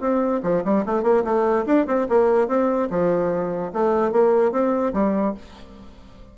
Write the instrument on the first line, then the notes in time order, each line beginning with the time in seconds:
bassoon
0.00 C4
0.43 F3
0.64 G3
0.86 A3
1.03 A#3
1.24 A3
1.66 D4
1.87 C4
2.09 A#3
2.48 C4
2.90 F3
3.73 A3
4.12 A#3
4.52 C4
4.93 G3